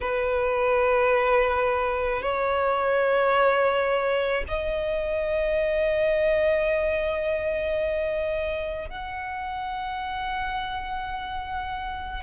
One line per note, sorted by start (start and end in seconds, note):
0.01 2.22 B4
2.22 4.44 C#5
4.47 8.89 D#5
8.89 12.23 F#5